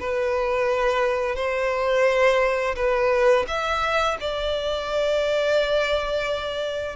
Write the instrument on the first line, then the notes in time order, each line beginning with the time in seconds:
violin
0.00 B4
1.35 C5
2.76 B4
3.48 E5
4.20 D5